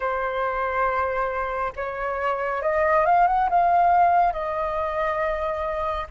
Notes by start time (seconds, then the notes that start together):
0.00 C5
1.76 C#5
2.62 D#5
3.05 F5
3.27 F#5
3.49 F5
4.32 D#5